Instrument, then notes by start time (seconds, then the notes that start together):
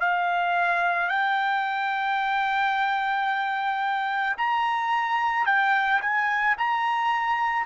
trumpet
0.00 F5
1.09 G5
4.37 A#5
5.45 G5
6.01 G#5
6.58 A#5